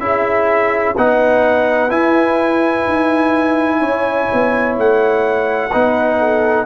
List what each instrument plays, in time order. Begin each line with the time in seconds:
0.00 tuba C#4, trombone E4, horn G#4, trumpet E5
0.96 tuba B3, trombone D#4, horn B4, trumpet F#5
1.90 trombone E4, tuba E4, trumpet G#5
2.87 tuba D#4
3.80 tuba C#4, horn C#5
4.33 tuba B3
4.78 tuba A3, trumpet F#5
5.71 tuba B3, trombone D#4, horn B4
6.19 horn A4